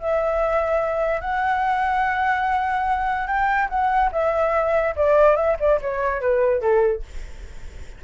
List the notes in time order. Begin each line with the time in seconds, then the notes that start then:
0.00 E5
1.21 F#5
3.27 G5
3.69 F#5
4.12 E5
4.96 D5
5.36 E5
5.60 D5
5.81 C#5
6.21 B4
6.61 A4